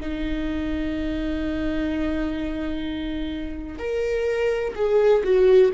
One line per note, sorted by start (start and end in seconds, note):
0.00 3.78 D#4
3.78 4.74 A#4
4.75 5.23 G#4
5.23 5.71 F#4